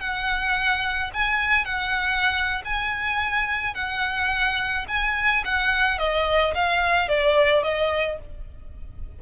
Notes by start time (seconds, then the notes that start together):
0.00 F#5
1.14 G#5
1.65 F#5
2.65 G#5
3.75 F#5
4.88 G#5
5.45 F#5
5.99 D#5
6.55 F5
7.09 D5
7.63 D#5